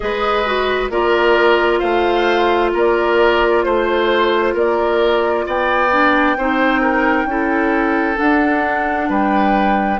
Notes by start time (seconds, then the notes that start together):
0.00 G#3 G#4 B4 D#5
0.45 F#4
0.89 A#3 F4 A#4 D5
1.78 A3 C5 F5
2.73 A#3 A#4 D5
3.63 A3 C5
4.54 A#3 A#4 D5
5.46 B3 D5 G5
5.90 D4
6.37 C4 D#4 C5
6.81 A#4
7.25 C#4 E4 A4
8.15 D4 F#5
9.09 G3 B4 G5